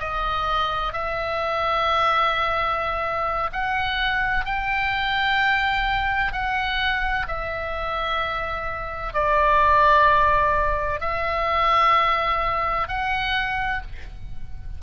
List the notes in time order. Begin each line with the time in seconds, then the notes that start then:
0.00 D#5
0.93 E5
3.53 F#5
4.46 G5
6.33 F#5
7.28 E5
9.14 D5
11.01 E5
12.89 F#5